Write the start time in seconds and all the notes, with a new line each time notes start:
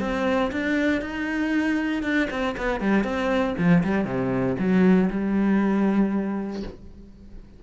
0.00 C4
0.52 D4
1.01 D#4
2.02 D4
2.30 C4
2.57 B3
2.80 G3
3.04 C4
3.58 F3
3.83 G3
4.04 C3
4.59 F#3
5.10 G3